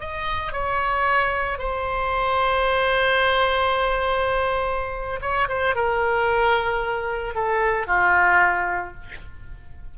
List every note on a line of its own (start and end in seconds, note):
0.00 0.53 D#5
0.53 1.59 C#5
1.59 5.20 C5
5.21 5.48 C#5
5.49 5.75 C5
5.75 7.35 A#4
7.35 7.87 A4
7.87 8.94 F4